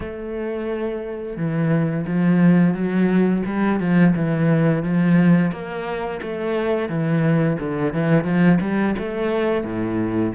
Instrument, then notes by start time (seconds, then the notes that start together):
cello
0.00 A3
1.36 E3
2.06 F3
2.73 F#3
3.45 G3
3.80 F3
4.15 E3
4.83 F3
5.51 A#3
6.21 A3
6.88 E3
7.59 D3
7.93 E3
8.24 F3
8.60 G3
8.98 A3
9.64 A2